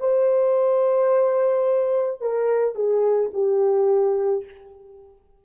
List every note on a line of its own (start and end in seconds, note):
0.00 2.21 C5
2.21 2.75 A#4
2.75 3.30 G#4
3.33 4.44 G4